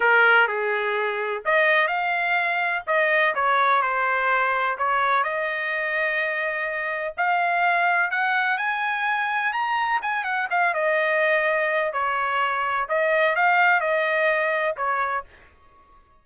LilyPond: \new Staff \with { instrumentName = "trumpet" } { \time 4/4 \tempo 4 = 126 ais'4 gis'2 dis''4 | f''2 dis''4 cis''4 | c''2 cis''4 dis''4~ | dis''2. f''4~ |
f''4 fis''4 gis''2 | ais''4 gis''8 fis''8 f''8 dis''4.~ | dis''4 cis''2 dis''4 | f''4 dis''2 cis''4 | }